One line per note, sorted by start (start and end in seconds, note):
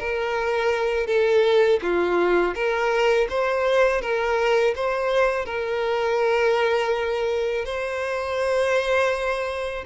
0.00 1.07 A#4
1.07 1.80 A4
1.83 2.55 F4
2.55 3.28 A#4
3.30 4.02 C5
4.02 4.75 A#4
4.76 5.46 C5
5.46 7.65 A#4
7.65 9.85 C5